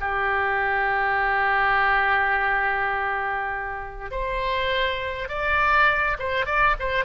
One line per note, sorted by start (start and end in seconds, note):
0.00 4.11 G4
4.11 5.28 C5
5.28 6.17 D5
6.19 6.46 C5
6.46 6.75 D5
6.79 7.04 C5